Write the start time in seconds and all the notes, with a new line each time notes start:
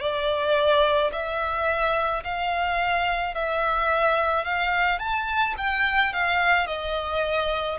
0.00 D5
1.12 E5
2.24 F5
3.35 E5
4.45 F5
4.99 A5
5.58 G5
6.13 F5
6.67 D#5